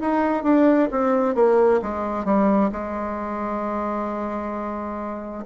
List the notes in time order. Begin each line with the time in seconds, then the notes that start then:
0.00 D#4
0.43 D4
0.91 C4
1.35 A#3
1.82 G#3
2.24 G3
2.71 G#3